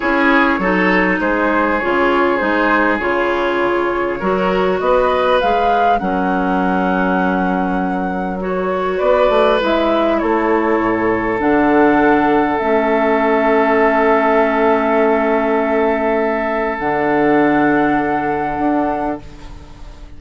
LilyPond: <<
  \new Staff \with { instrumentName = "flute" } { \time 4/4 \tempo 4 = 100 cis''2 c''4 cis''4 | c''4 cis''2. | dis''4 f''4 fis''2~ | fis''2 cis''4 d''4 |
e''4 cis''2 fis''4~ | fis''4 e''2.~ | e''1 | fis''1 | }
  \new Staff \with { instrumentName = "oboe" } { \time 4/4 gis'4 a'4 gis'2~ | gis'2. ais'4 | b'2 ais'2~ | ais'2. b'4~ |
b'4 a'2.~ | a'1~ | a'1~ | a'1 | }
  \new Staff \with { instrumentName = "clarinet" } { \time 4/4 e'4 dis'2 f'4 | dis'4 f'2 fis'4~ | fis'4 gis'4 cis'2~ | cis'2 fis'2 |
e'2. d'4~ | d'4 cis'2.~ | cis'1 | d'1 | }
  \new Staff \with { instrumentName = "bassoon" } { \time 4/4 cis'4 fis4 gis4 cis4 | gis4 cis2 fis4 | b4 gis4 fis2~ | fis2. b8 a8 |
gis4 a4 a,4 d4~ | d4 a2.~ | a1 | d2. d'4 | }
>>